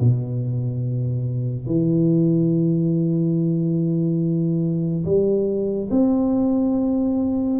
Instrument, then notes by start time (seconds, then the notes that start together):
tuba
0.00 B2
1.67 E3
5.05 G3
5.91 C4